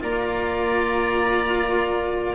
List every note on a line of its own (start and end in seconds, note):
0.00 2.35 A#3
0.00 2.35 F4
0.00 2.35 D5
0.00 2.35 A#5